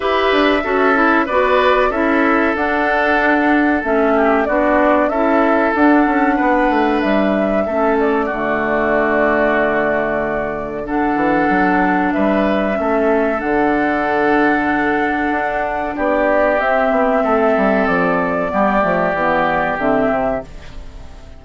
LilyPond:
<<
  \new Staff \with { instrumentName = "flute" } { \time 4/4 \tempo 4 = 94 e''2 d''4 e''4 | fis''2 e''4 d''4 | e''4 fis''2 e''4~ | e''8 d''2.~ d''8~ |
d''4 fis''2 e''4~ | e''4 fis''2.~ | fis''4 d''4 e''2 | d''2. e''4 | }
  \new Staff \with { instrumentName = "oboe" } { \time 4/4 b'4 a'4 b'4 a'4~ | a'2~ a'8 g'8 fis'4 | a'2 b'2 | a'4 fis'2.~ |
fis'4 a'2 b'4 | a'1~ | a'4 g'2 a'4~ | a'4 g'2. | }
  \new Staff \with { instrumentName = "clarinet" } { \time 4/4 g'4 fis'8 e'8 fis'4 e'4 | d'2 cis'4 d'4 | e'4 d'2. | cis'4 a2.~ |
a4 d'2. | cis'4 d'2.~ | d'2 c'2~ | c'4 b8 a8 b4 c'4 | }
  \new Staff \with { instrumentName = "bassoon" } { \time 4/4 e'8 d'8 cis'4 b4 cis'4 | d'2 a4 b4 | cis'4 d'8 cis'8 b8 a8 g4 | a4 d2.~ |
d4. e8 fis4 g4 | a4 d2. | d'4 b4 c'8 b8 a8 g8 | f4 g8 f8 e4 d8 c8 | }
>>